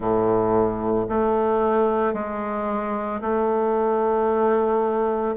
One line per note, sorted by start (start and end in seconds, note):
0.00 1.06 A2
1.09 2.13 A3
2.13 3.20 G#3
3.21 5.35 A3